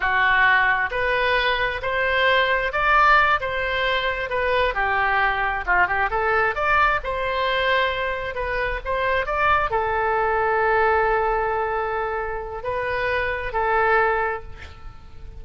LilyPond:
\new Staff \with { instrumentName = "oboe" } { \time 4/4 \tempo 4 = 133 fis'2 b'2 | c''2 d''4. c''8~ | c''4. b'4 g'4.~ | g'8 f'8 g'8 a'4 d''4 c''8~ |
c''2~ c''8 b'4 c''8~ | c''8 d''4 a'2~ a'8~ | a'1 | b'2 a'2 | }